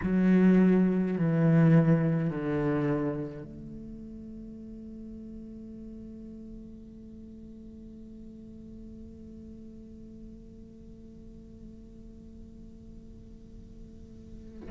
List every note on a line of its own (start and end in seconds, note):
0.03 1.17 F#3
1.17 2.30 E3
2.30 3.43 D3
3.43 14.69 A3